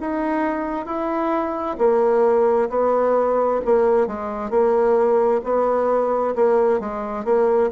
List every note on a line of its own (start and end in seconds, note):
0.00 0.86 D#4
0.86 1.76 E4
1.78 2.69 A#3
2.69 3.60 B3
3.64 4.07 A#3
4.07 4.50 G#3
4.50 5.40 A#3
5.43 6.34 B3
6.35 6.79 A#3
6.79 7.24 G#3
7.24 7.69 A#3